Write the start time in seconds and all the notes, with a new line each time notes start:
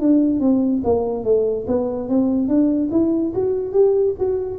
0.00 D4
0.41 C4
0.84 A#3
1.24 A3
1.67 B3
2.09 C4
2.48 D4
2.92 E4
3.34 F#4
3.73 G4
4.19 F#4